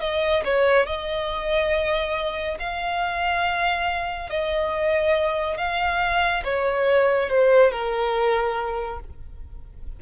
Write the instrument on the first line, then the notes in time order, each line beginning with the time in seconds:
violin
0.00 D#5
0.44 C#5
0.86 D#5
2.59 F5
4.29 D#5
5.57 F5
6.44 C#5
7.29 C5
7.71 A#4